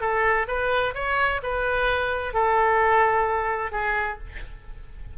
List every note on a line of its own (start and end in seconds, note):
0.00 0.47 A4
0.47 0.94 B4
0.94 1.41 C#5
1.42 2.33 B4
2.33 3.71 A4
3.71 4.18 G#4